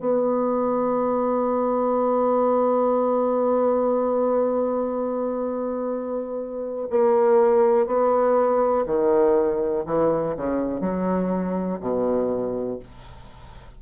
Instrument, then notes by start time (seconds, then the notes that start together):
bassoon
0.00 B3
6.90 A#3
7.87 B3
8.86 D#3
9.86 E3
10.37 C#3
10.81 F#3
11.81 B2